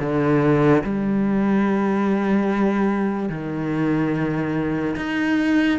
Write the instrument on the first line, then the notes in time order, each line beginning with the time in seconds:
cello
0.00 D3
0.84 G3
3.29 D#3
4.96 D#4